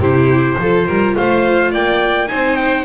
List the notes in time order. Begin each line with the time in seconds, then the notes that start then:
0.00 C3 E4 G4 C5
0.59 F3 F4 A4
0.87 G3 A#4
1.17 A3 C5 F5
1.71 A#3 D5 G5
2.28 C4 D#4 C5 G#5
2.57 G5